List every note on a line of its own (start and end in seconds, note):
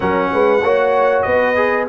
0.00 0.32 F#3
0.00 0.60 C#4
0.00 0.31 A#4
0.00 1.21 F#5
0.32 0.62 G#3
0.32 0.63 B4
0.62 1.25 A#3
0.62 1.55 F#4
0.62 1.25 C#5
1.21 1.88 B3
1.21 1.88 B4
1.21 1.84 D#5
1.55 1.86 G#4